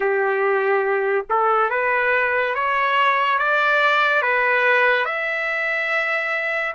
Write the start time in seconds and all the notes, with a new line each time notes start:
0.00 G4
1.29 A4
1.70 B4
2.55 C#5
3.38 D5
4.22 B4
5.05 E5